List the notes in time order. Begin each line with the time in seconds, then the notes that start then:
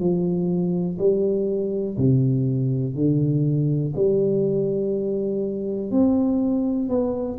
0.00 F3
0.98 G3
1.98 C3
2.96 D3
3.96 G3
5.91 C4
6.89 B3